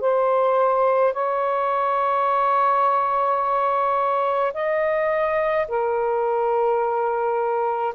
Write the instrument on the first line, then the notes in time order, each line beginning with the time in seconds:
saxophone
0.00 C5
1.13 C#5
4.53 D#5
5.68 A#4